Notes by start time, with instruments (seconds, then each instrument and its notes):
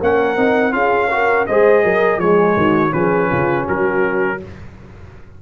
0.00 tuba A#3, trombone C#4, horn A#4, trumpet F#5
0.36 tuba C4, trombone D#4
0.71 tuba C#4, trombone F4, horn G#4, trumpet F5
1.10 trombone F#4, horn A#4
1.46 tuba G#3, trombone G#4, horn C5, trumpet D#5
1.83 tuba F#3, horn A#4
2.17 tuba F3, trombone G#3, horn G#4, trumpet C#5
2.56 tuba D#3, horn F#4
2.91 tuba F3, trombone C#4, horn G#4, trumpet B4
3.28 tuba C#3, horn F4
3.63 tuba F#3, horn F#4, trumpet A#4